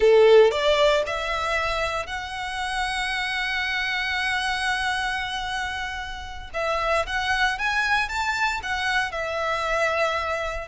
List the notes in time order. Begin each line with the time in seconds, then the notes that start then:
0.00 A4
0.51 D5
1.06 E5
2.06 F#5
6.53 E5
7.06 F#5
7.58 G#5
8.08 A5
8.62 F#5
9.11 E5